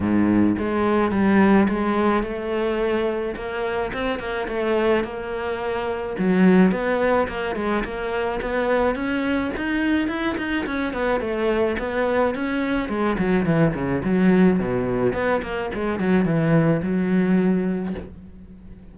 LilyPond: \new Staff \with { instrumentName = "cello" } { \time 4/4 \tempo 4 = 107 gis,4 gis4 g4 gis4 | a2 ais4 c'8 ais8 | a4 ais2 fis4 | b4 ais8 gis8 ais4 b4 |
cis'4 dis'4 e'8 dis'8 cis'8 b8 | a4 b4 cis'4 gis8 fis8 | e8 cis8 fis4 b,4 b8 ais8 | gis8 fis8 e4 fis2 | }